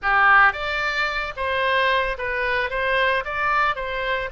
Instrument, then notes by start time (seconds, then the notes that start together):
oboe
0.02 G4
0.52 D5
1.36 C5
2.17 B4
2.70 C5
3.24 D5
3.75 C5